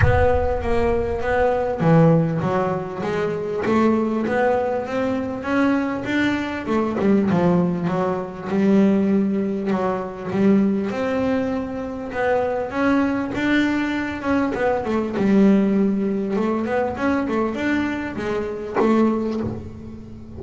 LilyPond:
\new Staff \with { instrumentName = "double bass" } { \time 4/4 \tempo 4 = 99 b4 ais4 b4 e4 | fis4 gis4 a4 b4 | c'4 cis'4 d'4 a8 g8 | f4 fis4 g2 |
fis4 g4 c'2 | b4 cis'4 d'4. cis'8 | b8 a8 g2 a8 b8 | cis'8 a8 d'4 gis4 a4 | }